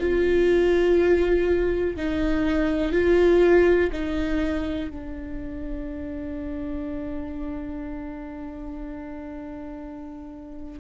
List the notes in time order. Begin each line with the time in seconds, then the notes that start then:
0.00 F4
1.97 D#4
2.92 F4
3.92 D#4
4.90 D4